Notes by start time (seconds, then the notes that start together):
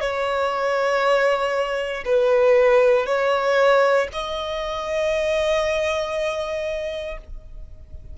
0.00 C#5
2.05 B4
3.06 C#5
4.12 D#5